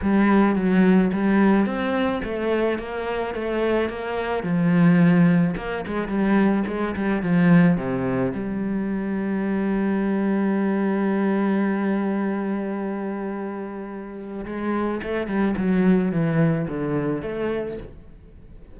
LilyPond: \new Staff \with { instrumentName = "cello" } { \time 4/4 \tempo 4 = 108 g4 fis4 g4 c'4 | a4 ais4 a4 ais4 | f2 ais8 gis8 g4 | gis8 g8 f4 c4 g4~ |
g1~ | g1~ | g2 gis4 a8 g8 | fis4 e4 d4 a4 | }